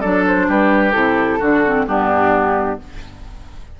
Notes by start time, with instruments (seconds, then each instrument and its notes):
0.00 bassoon F#3, clarinet D4, oboe A4, flute D5
0.27 flute C5
0.48 bassoon G3, oboe G4, flute B4
0.92 bassoon C3, clarinet E4, flute A4
1.39 bassoon D3, clarinet D4, oboe F#4
1.65 clarinet C4
1.86 bassoon G2, clarinet B3, oboe D4, flute G4